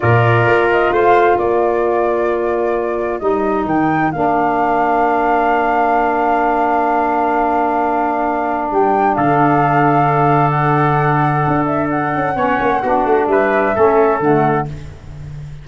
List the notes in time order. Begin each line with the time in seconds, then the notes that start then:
0.00 A#2 F4 A#4 D5
0.45 A#3
0.70 D#5
0.91 A3 C5 F5
1.36 A#3 A#4 D5
3.19 G3 D#4 D#5
3.65 D#3 G5
4.11 A#3 D4 F5
8.70 G3 G5
9.14 D3 A4 F5
10.49 F#5
11.47 D4
11.65 E5
11.89 F#5
12.14 C#4
12.36 B3 C#4 C#5
12.59 A#3
12.82 B3 D4 F#4
13.05 A3
13.27 G3 B4 E5
13.75 A3 C#4 A4
14.20 D3 A3 F#5